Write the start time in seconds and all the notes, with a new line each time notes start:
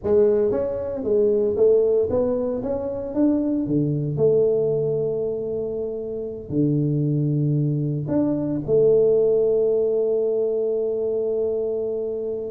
0.03 G#3
0.51 C#4
1.03 G#3
1.56 A3
2.10 B3
2.63 C#4
3.14 D4
3.66 D3
4.16 A3
6.49 D3
8.08 D4
8.66 A3